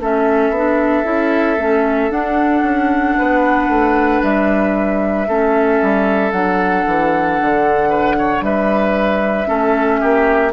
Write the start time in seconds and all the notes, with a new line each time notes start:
0.00 A3 C#4 A4 E5
0.50 B3
0.56 D4
1.04 C#4 E4
1.58 A3 C#4
2.10 D4 F#5
2.63 C#4
3.18 B3 B4
3.69 A3
4.23 G3 E5
5.28 A3 C#4 A4
5.82 G3
6.32 F#3 D4 F#5
6.86 E3
7.41 D3
7.90 B4
8.18 C#5
8.41 G3 B4 E5
9.47 A3 C#4 A4
10.01 A#3 G4